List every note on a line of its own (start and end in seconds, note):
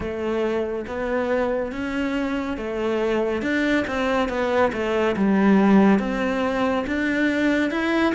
0.00 0.85 A3
0.86 1.71 B3
1.71 2.57 C#4
2.57 3.41 A3
3.41 3.84 D4
3.86 4.28 C4
4.28 4.71 B3
4.73 5.15 A3
5.16 5.99 G3
5.99 6.85 C4
6.86 7.70 D4
7.70 8.13 E4